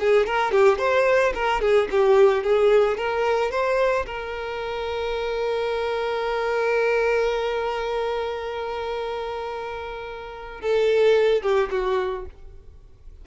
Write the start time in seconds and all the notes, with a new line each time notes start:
0.00 G#4
0.26 A#4
0.51 G4
0.79 C5
1.35 A#4
1.61 G#4
1.91 G4
2.43 G#4
2.98 A#4
3.51 C5
4.07 A#4
10.61 A4
11.42 G4
11.71 F#4